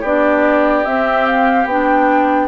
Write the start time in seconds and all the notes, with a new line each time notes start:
0.00 B3 D4 G4 D5
0.85 C4 E5
1.26 F5
1.65 B3 D4 G5